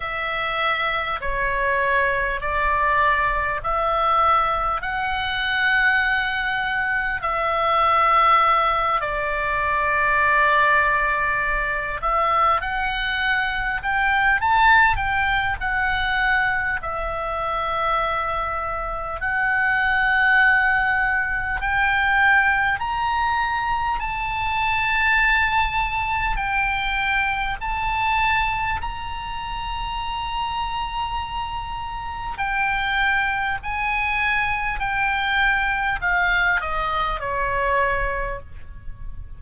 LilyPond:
\new Staff \with { instrumentName = "oboe" } { \time 4/4 \tempo 4 = 50 e''4 cis''4 d''4 e''4 | fis''2 e''4. d''8~ | d''2 e''8 fis''4 g''8 | a''8 g''8 fis''4 e''2 |
fis''2 g''4 ais''4 | a''2 g''4 a''4 | ais''2. g''4 | gis''4 g''4 f''8 dis''8 cis''4 | }